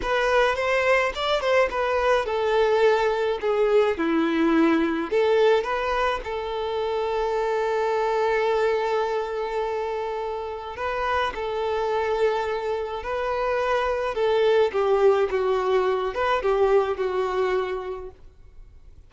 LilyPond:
\new Staff \with { instrumentName = "violin" } { \time 4/4 \tempo 4 = 106 b'4 c''4 d''8 c''8 b'4 | a'2 gis'4 e'4~ | e'4 a'4 b'4 a'4~ | a'1~ |
a'2. b'4 | a'2. b'4~ | b'4 a'4 g'4 fis'4~ | fis'8 b'8 g'4 fis'2 | }